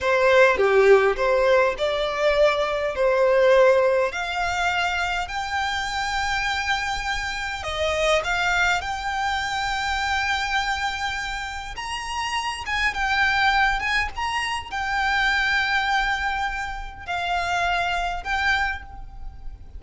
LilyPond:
\new Staff \with { instrumentName = "violin" } { \time 4/4 \tempo 4 = 102 c''4 g'4 c''4 d''4~ | d''4 c''2 f''4~ | f''4 g''2.~ | g''4 dis''4 f''4 g''4~ |
g''1 | ais''4. gis''8 g''4. gis''8 | ais''4 g''2.~ | g''4 f''2 g''4 | }